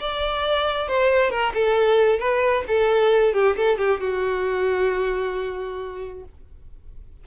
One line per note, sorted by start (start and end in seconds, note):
0.00 0.88 D5
0.88 1.30 C5
1.30 1.53 A#4
1.54 2.19 A4
2.19 2.64 B4
2.67 3.34 A4
3.34 3.56 G4
3.56 3.78 A4
3.78 4.00 G4
4.00 6.24 F#4